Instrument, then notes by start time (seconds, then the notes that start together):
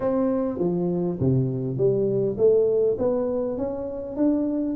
tuba
0.00 C4
0.58 F3
1.20 C3
1.77 G3
2.37 A3
2.98 B3
3.57 C#4
4.16 D4